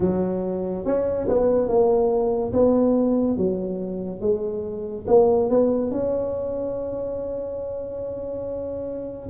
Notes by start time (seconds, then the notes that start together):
0.00 F#3
0.85 C#4
1.28 B3
1.67 A#3
2.52 B3
3.37 F#3
4.21 G#3
5.07 A#3
5.49 B3
5.91 C#4